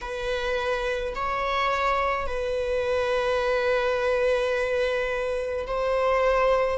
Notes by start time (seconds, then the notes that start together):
0.01 B4
1.15 C#5
2.26 B4
5.66 C5